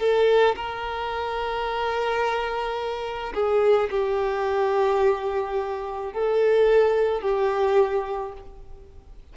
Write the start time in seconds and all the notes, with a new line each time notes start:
0.00 A4
0.56 A#4
3.34 G#4
3.91 G4
6.13 A4
7.22 G4